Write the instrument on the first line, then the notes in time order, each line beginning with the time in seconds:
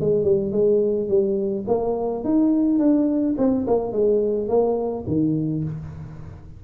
tuba
0.00 G#3
0.24 G3
0.52 G#3
1.09 G3
1.67 A#3
2.24 D#4
2.79 D4
3.38 C4
3.67 A#3
3.92 G#3
4.48 A#3
5.07 D#3